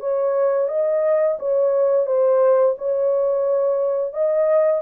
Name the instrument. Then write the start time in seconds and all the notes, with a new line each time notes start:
horn
0.00 C#5
0.68 D#5
1.39 C#5
2.06 C5
2.78 C#5
4.13 D#5